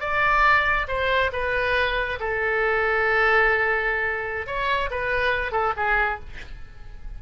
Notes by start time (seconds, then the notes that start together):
0.00 D5
0.88 C5
1.32 B4
2.20 A4
4.47 C#5
4.91 B4
5.52 A4
5.76 G#4